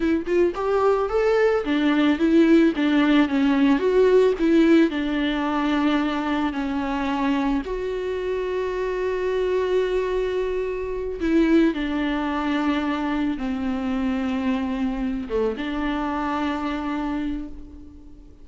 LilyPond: \new Staff \with { instrumentName = "viola" } { \time 4/4 \tempo 4 = 110 e'8 f'8 g'4 a'4 d'4 | e'4 d'4 cis'4 fis'4 | e'4 d'2. | cis'2 fis'2~ |
fis'1~ | fis'8 e'4 d'2~ d'8~ | d'8 c'2.~ c'8 | a8 d'2.~ d'8 | }